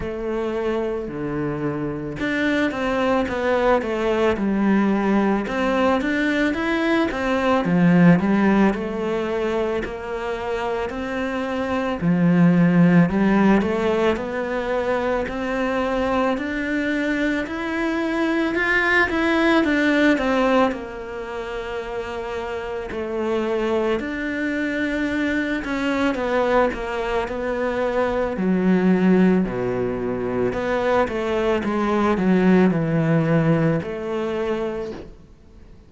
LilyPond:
\new Staff \with { instrumentName = "cello" } { \time 4/4 \tempo 4 = 55 a4 d4 d'8 c'8 b8 a8 | g4 c'8 d'8 e'8 c'8 f8 g8 | a4 ais4 c'4 f4 | g8 a8 b4 c'4 d'4 |
e'4 f'8 e'8 d'8 c'8 ais4~ | ais4 a4 d'4. cis'8 | b8 ais8 b4 fis4 b,4 | b8 a8 gis8 fis8 e4 a4 | }